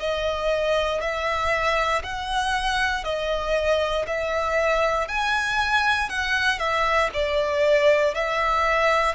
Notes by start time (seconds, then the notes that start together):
0.00 D#5
1.01 E5
2.03 F#5
3.04 D#5
4.07 E5
5.08 G#5
6.09 F#5
6.59 E5
7.14 D5
8.14 E5